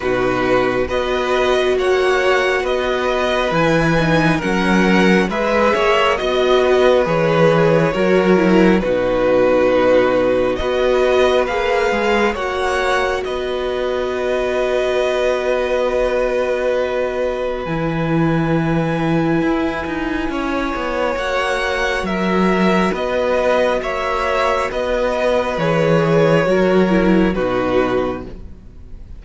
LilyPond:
<<
  \new Staff \with { instrumentName = "violin" } { \time 4/4 \tempo 4 = 68 b'4 dis''4 fis''4 dis''4 | gis''4 fis''4 e''4 dis''4 | cis''2 b'2 | dis''4 f''4 fis''4 dis''4~ |
dis''1 | gis''1 | fis''4 e''4 dis''4 e''4 | dis''4 cis''2 b'4 | }
  \new Staff \with { instrumentName = "violin" } { \time 4/4 fis'4 b'4 cis''4 b'4~ | b'4 ais'4 b'8 cis''8 dis''8 b'8~ | b'4 ais'4 fis'2 | b'2 cis''4 b'4~ |
b'1~ | b'2. cis''4~ | cis''4 ais'4 b'4 cis''4 | b'2 ais'4 fis'4 | }
  \new Staff \with { instrumentName = "viola" } { \time 4/4 dis'4 fis'2. | e'8 dis'8 cis'4 gis'4 fis'4 | gis'4 fis'8 e'8 dis'2 | fis'4 gis'4 fis'2~ |
fis'1 | e'1 | fis'1~ | fis'4 gis'4 fis'8 e'8 dis'4 | }
  \new Staff \with { instrumentName = "cello" } { \time 4/4 b,4 b4 ais4 b4 | e4 fis4 gis8 ais8 b4 | e4 fis4 b,2 | b4 ais8 gis8 ais4 b4~ |
b1 | e2 e'8 dis'8 cis'8 b8 | ais4 fis4 b4 ais4 | b4 e4 fis4 b,4 | }
>>